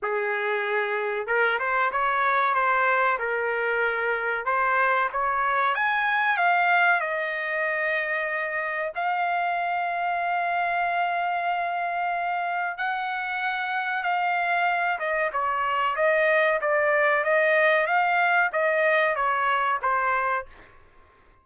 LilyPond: \new Staff \with { instrumentName = "trumpet" } { \time 4/4 \tempo 4 = 94 gis'2 ais'8 c''8 cis''4 | c''4 ais'2 c''4 | cis''4 gis''4 f''4 dis''4~ | dis''2 f''2~ |
f''1 | fis''2 f''4. dis''8 | cis''4 dis''4 d''4 dis''4 | f''4 dis''4 cis''4 c''4 | }